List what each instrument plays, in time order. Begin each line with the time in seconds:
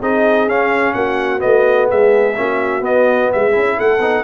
0.00 tuba C4, trombone D#4, horn G#4, trumpet D#5
0.47 tuba C#4, trombone C#4, trumpet F5
0.94 tuba A#3, horn F#4, trumpet F#5
1.39 tuba A3, trombone B3, trumpet D#5
1.90 tuba G#3, horn G#4, trumpet E5
2.37 tuba A#3, trombone C#4, horn F#4
2.81 tuba B3, trombone B3, trumpet D#5
3.33 tuba G#3, horn G#4, trumpet E5
3.52 tuba C#4, trombone E4
3.77 tuba A3, horn A4, trumpet F#5
3.99 tuba B3, trombone D#4